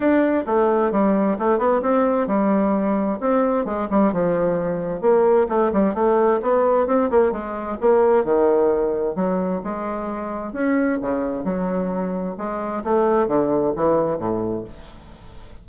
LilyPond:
\new Staff \with { instrumentName = "bassoon" } { \time 4/4 \tempo 4 = 131 d'4 a4 g4 a8 b8 | c'4 g2 c'4 | gis8 g8 f2 ais4 | a8 g8 a4 b4 c'8 ais8 |
gis4 ais4 dis2 | fis4 gis2 cis'4 | cis4 fis2 gis4 | a4 d4 e4 a,4 | }